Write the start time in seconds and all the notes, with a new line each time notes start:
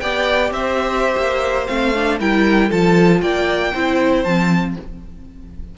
0.00 B3 G4 D5 G5
0.51 C4 C5 E5
1.17 A#3
1.67 A3 C4 F5
1.95 D4
2.20 G3 E4 A#4 G5
2.69 F3 F4 A4 A5
3.21 A#3 D5 G5
3.73 C4 E4 C5
4.24 F3 C4 A5